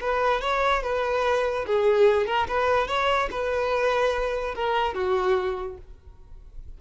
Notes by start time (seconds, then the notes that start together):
0.00 B4
0.41 C#5
0.83 B4
1.66 G#4
2.26 A#4
2.48 B4
2.87 C#5
3.30 B4
4.55 A#4
4.94 F#4